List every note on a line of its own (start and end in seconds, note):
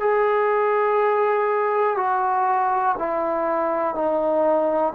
0.00 1.97 G#4
1.97 2.95 F#4
2.98 3.94 E4
3.94 4.93 D#4